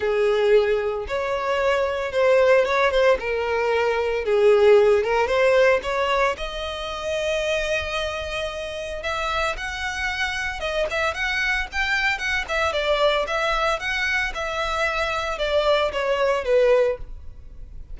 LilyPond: \new Staff \with { instrumentName = "violin" } { \time 4/4 \tempo 4 = 113 gis'2 cis''2 | c''4 cis''8 c''8 ais'2 | gis'4. ais'8 c''4 cis''4 | dis''1~ |
dis''4 e''4 fis''2 | dis''8 e''8 fis''4 g''4 fis''8 e''8 | d''4 e''4 fis''4 e''4~ | e''4 d''4 cis''4 b'4 | }